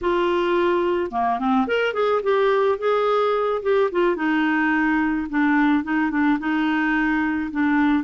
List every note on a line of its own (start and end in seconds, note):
0.01 1.11 F4
1.11 1.39 A#3
1.39 1.67 C4
1.67 1.93 A#4
1.93 2.21 G#4
2.22 2.78 G4
2.78 3.61 G#4
3.62 3.90 G4
3.91 4.16 F4
4.16 5.27 D#4
5.29 5.83 D4
5.83 6.10 D#4
6.10 6.38 D4
6.39 7.50 D#4
7.51 8.03 D4